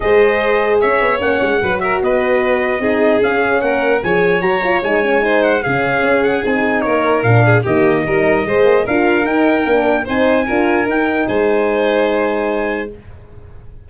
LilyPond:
<<
  \new Staff \with { instrumentName = "trumpet" } { \time 4/4 \tempo 4 = 149 dis''2 e''4 fis''4~ | fis''8 e''8 dis''2. | f''4 fis''4 gis''4 ais''4 | gis''4. fis''8 f''4. fis''8 |
gis''4 cis''4 f''4 dis''4~ | dis''2 f''4 g''4~ | g''4 gis''2 g''4 | gis''1 | }
  \new Staff \with { instrumentName = "violin" } { \time 4/4 c''2 cis''2 | b'8 ais'8 b'2 gis'4~ | gis'4 ais'4 cis''2~ | cis''4 c''4 gis'2~ |
gis'4 ais'4. gis'8 g'4 | ais'4 c''4 ais'2~ | ais'4 c''4 ais'2 | c''1 | }
  \new Staff \with { instrumentName = "horn" } { \time 4/4 gis'2. cis'4 | fis'2. dis'4 | cis'2 gis'4 fis'8 f'8 | dis'8 cis'8 dis'4 cis'2 |
dis'2 d'4 ais4 | dis'4 gis'4 f'4 dis'4 | d'4 dis'4 f'4 dis'4~ | dis'1 | }
  \new Staff \with { instrumentName = "tuba" } { \time 4/4 gis2 cis'8 b8 ais8 gis8 | fis4 b2 c'4 | cis'4 ais4 f4 fis4 | gis2 cis4 cis'4 |
c'4 ais4 ais,4 dis4 | g4 gis8 ais8 d'4 dis'4 | ais4 c'4 d'4 dis'4 | gis1 | }
>>